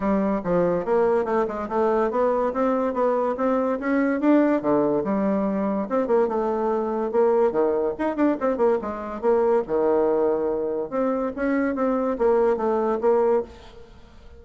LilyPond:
\new Staff \with { instrumentName = "bassoon" } { \time 4/4 \tempo 4 = 143 g4 f4 ais4 a8 gis8 | a4 b4 c'4 b4 | c'4 cis'4 d'4 d4 | g2 c'8 ais8 a4~ |
a4 ais4 dis4 dis'8 d'8 | c'8 ais8 gis4 ais4 dis4~ | dis2 c'4 cis'4 | c'4 ais4 a4 ais4 | }